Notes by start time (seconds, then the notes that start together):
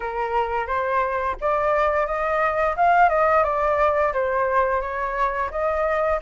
0.00 A#4
0.66 C5
1.40 D5
2.06 D#5
2.76 F5
3.09 D#5
3.43 D5
4.13 C5
4.81 C#5
5.50 D#5